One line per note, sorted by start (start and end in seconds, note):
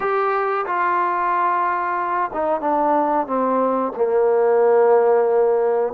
0.00 0.65 G4
0.66 2.30 F4
2.33 2.60 D#4
2.60 3.26 D4
3.26 3.92 C4
3.96 5.93 A#3